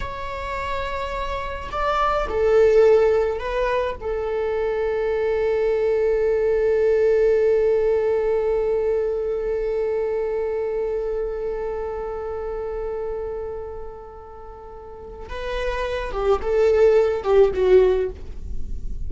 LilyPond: \new Staff \with { instrumentName = "viola" } { \time 4/4 \tempo 4 = 106 cis''2. d''4 | a'2 b'4 a'4~ | a'1~ | a'1~ |
a'1~ | a'1~ | a'2. b'4~ | b'8 g'8 a'4. g'8 fis'4 | }